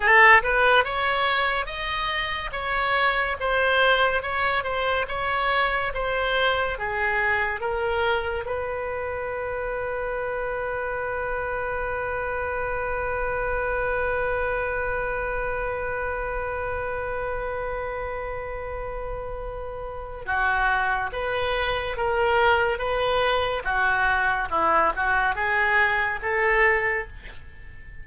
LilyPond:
\new Staff \with { instrumentName = "oboe" } { \time 4/4 \tempo 4 = 71 a'8 b'8 cis''4 dis''4 cis''4 | c''4 cis''8 c''8 cis''4 c''4 | gis'4 ais'4 b'2~ | b'1~ |
b'1~ | b'1 | fis'4 b'4 ais'4 b'4 | fis'4 e'8 fis'8 gis'4 a'4 | }